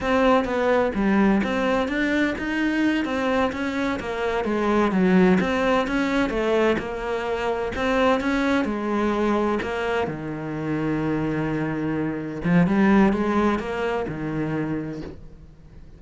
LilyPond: \new Staff \with { instrumentName = "cello" } { \time 4/4 \tempo 4 = 128 c'4 b4 g4 c'4 | d'4 dis'4. c'4 cis'8~ | cis'8 ais4 gis4 fis4 c'8~ | c'8 cis'4 a4 ais4.~ |
ais8 c'4 cis'4 gis4.~ | gis8 ais4 dis2~ dis8~ | dis2~ dis8 f8 g4 | gis4 ais4 dis2 | }